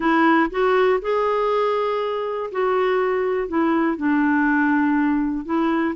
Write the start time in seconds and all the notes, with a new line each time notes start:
0.00 E4
0.50 F#4
1.01 G#4
2.51 F#4
3.47 E4
3.96 D4
5.45 E4